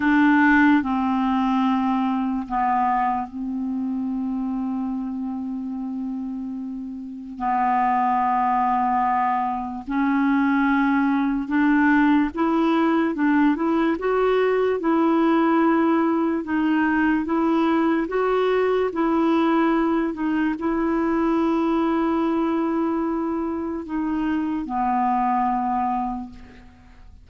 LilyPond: \new Staff \with { instrumentName = "clarinet" } { \time 4/4 \tempo 4 = 73 d'4 c'2 b4 | c'1~ | c'4 b2. | cis'2 d'4 e'4 |
d'8 e'8 fis'4 e'2 | dis'4 e'4 fis'4 e'4~ | e'8 dis'8 e'2.~ | e'4 dis'4 b2 | }